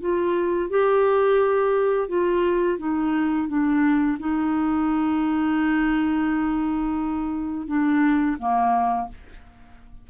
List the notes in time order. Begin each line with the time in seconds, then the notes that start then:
0.00 F4
0.70 G4
2.08 F4
2.78 D#4
3.48 D4
4.19 D#4
7.67 D4
8.38 A#3